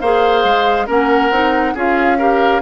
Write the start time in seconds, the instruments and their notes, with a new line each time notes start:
0.00 bassoon A#3, clarinet G#4, oboe C5, flute F5
0.44 bassoon G#3
0.87 bassoon A#3, clarinet C#4, oboe A#4, flute F#5
1.30 bassoon C4, clarinet D#4
1.74 bassoon C#4, clarinet F4, oboe G#4, flute F5
2.18 clarinet G4, oboe A#4